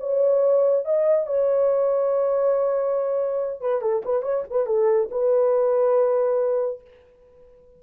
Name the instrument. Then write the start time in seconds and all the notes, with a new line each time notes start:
horn
0.00 C#5
0.85 D#5
1.27 C#5
3.61 B4
3.81 A4
4.05 B4
4.22 C#5
4.50 B4
4.66 A4
5.11 B4